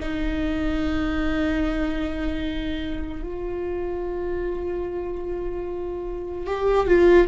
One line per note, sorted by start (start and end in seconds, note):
0.00 3.23 D#4
3.23 6.47 F4
6.47 6.87 G4
6.87 7.28 F4